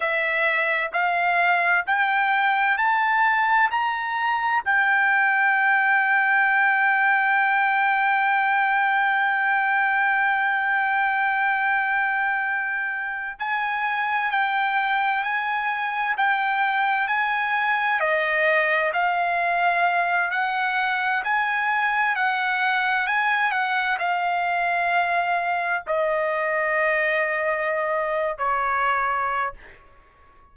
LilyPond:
\new Staff \with { instrumentName = "trumpet" } { \time 4/4 \tempo 4 = 65 e''4 f''4 g''4 a''4 | ais''4 g''2.~ | g''1~ | g''2~ g''8 gis''4 g''8~ |
g''8 gis''4 g''4 gis''4 dis''8~ | dis''8 f''4. fis''4 gis''4 | fis''4 gis''8 fis''8 f''2 | dis''2~ dis''8. cis''4~ cis''16 | }